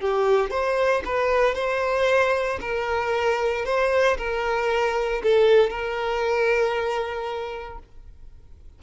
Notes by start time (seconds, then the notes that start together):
0.00 G4
0.51 C5
1.05 B4
1.55 C5
2.61 A#4
3.65 C5
4.18 A#4
5.23 A4
5.70 A#4